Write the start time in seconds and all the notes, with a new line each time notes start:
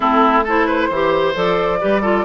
0.00 A3 C4 E4 A4
0.44 E4 A4 C5
0.66 B4
0.88 E3 G4 C5
1.34 F3 A4 D5
1.80 G3 G4 B4
2.01 F4 A4